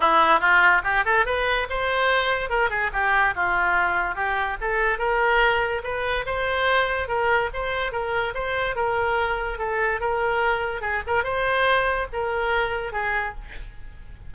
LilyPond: \new Staff \with { instrumentName = "oboe" } { \time 4/4 \tempo 4 = 144 e'4 f'4 g'8 a'8 b'4 | c''2 ais'8 gis'8 g'4 | f'2 g'4 a'4 | ais'2 b'4 c''4~ |
c''4 ais'4 c''4 ais'4 | c''4 ais'2 a'4 | ais'2 gis'8 ais'8 c''4~ | c''4 ais'2 gis'4 | }